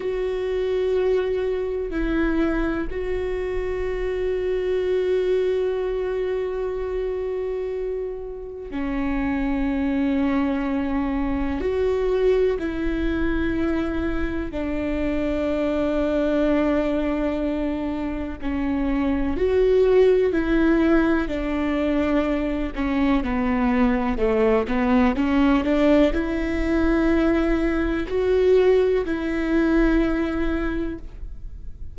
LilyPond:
\new Staff \with { instrumentName = "viola" } { \time 4/4 \tempo 4 = 62 fis'2 e'4 fis'4~ | fis'1~ | fis'4 cis'2. | fis'4 e'2 d'4~ |
d'2. cis'4 | fis'4 e'4 d'4. cis'8 | b4 a8 b8 cis'8 d'8 e'4~ | e'4 fis'4 e'2 | }